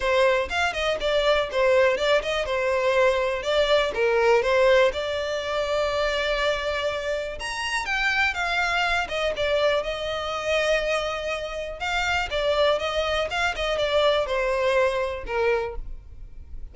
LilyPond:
\new Staff \with { instrumentName = "violin" } { \time 4/4 \tempo 4 = 122 c''4 f''8 dis''8 d''4 c''4 | d''8 dis''8 c''2 d''4 | ais'4 c''4 d''2~ | d''2. ais''4 |
g''4 f''4. dis''8 d''4 | dis''1 | f''4 d''4 dis''4 f''8 dis''8 | d''4 c''2 ais'4 | }